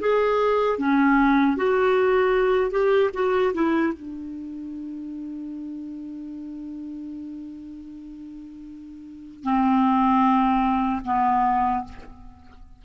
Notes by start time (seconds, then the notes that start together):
0.00 G#4
0.78 C#4
1.57 F#4
2.71 G4
3.14 F#4
3.54 E4
3.93 D4
9.44 C4
11.05 B3